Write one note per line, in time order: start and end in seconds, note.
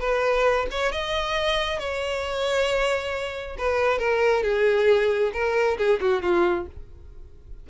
0.00 0.67 B4
0.71 0.92 C#5
0.92 1.79 D#5
1.79 3.57 C#5
3.58 3.99 B4
3.99 4.43 A#4
4.43 5.32 G#4
5.33 5.78 A#4
5.78 6.00 G#4
6.01 6.22 F#4
6.22 6.67 F4